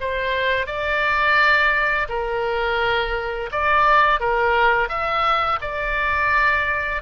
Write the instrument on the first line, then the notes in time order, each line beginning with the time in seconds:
oboe
0.00 C5
0.66 D5
2.08 A#4
3.51 D5
4.19 A#4
4.88 E5
5.61 D5